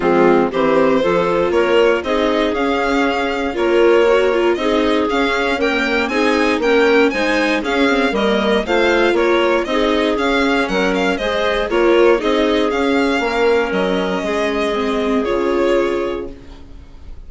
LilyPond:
<<
  \new Staff \with { instrumentName = "violin" } { \time 4/4 \tempo 4 = 118 f'4 c''2 cis''4 | dis''4 f''2 cis''4~ | cis''4 dis''4 f''4 g''4 | gis''4 g''4 gis''4 f''4 |
dis''4 f''4 cis''4 dis''4 | f''4 fis''8 f''8 dis''4 cis''4 | dis''4 f''2 dis''4~ | dis''2 cis''2 | }
  \new Staff \with { instrumentName = "clarinet" } { \time 4/4 c'4 g'4 a'4 ais'4 | gis'2. ais'4~ | ais'4 gis'2 ais'4 | gis'4 ais'4 c''4 gis'4 |
ais'4 c''4 ais'4 gis'4~ | gis'4 ais'4 c''4 ais'4 | gis'2 ais'2 | gis'1 | }
  \new Staff \with { instrumentName = "viola" } { \time 4/4 gis4 c'4 f'2 | dis'4 cis'2 f'4 | fis'8 f'8 dis'4 cis'4 ais4 | dis'4 cis'4 dis'4 cis'8 c'8 |
ais4 f'2 dis'4 | cis'2 gis'4 f'4 | dis'4 cis'2.~ | cis'4 c'4 f'2 | }
  \new Staff \with { instrumentName = "bassoon" } { \time 4/4 f4 e4 f4 ais4 | c'4 cis'2 ais4~ | ais4 c'4 cis'2 | c'4 ais4 gis4 cis'4 |
g4 a4 ais4 c'4 | cis'4 fis4 gis4 ais4 | c'4 cis'4 ais4 fis4 | gis2 cis2 | }
>>